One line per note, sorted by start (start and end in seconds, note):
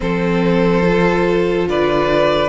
0.00 1.67 F3
0.00 0.83 C4
0.00 1.68 A4
0.00 1.67 C5
0.85 2.48 F4
1.67 2.48 D3
1.67 2.48 B4
1.67 2.48 D5